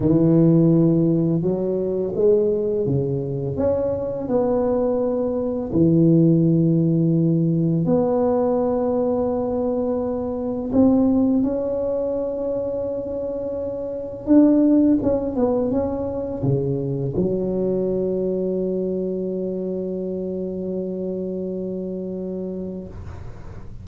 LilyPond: \new Staff \with { instrumentName = "tuba" } { \time 4/4 \tempo 4 = 84 e2 fis4 gis4 | cis4 cis'4 b2 | e2. b4~ | b2. c'4 |
cis'1 | d'4 cis'8 b8 cis'4 cis4 | fis1~ | fis1 | }